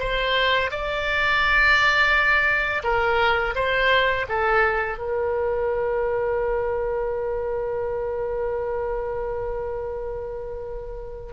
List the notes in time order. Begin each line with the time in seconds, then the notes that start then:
0.00 C5
0.71 D5
2.84 A#4
3.56 C5
4.29 A4
4.98 A#4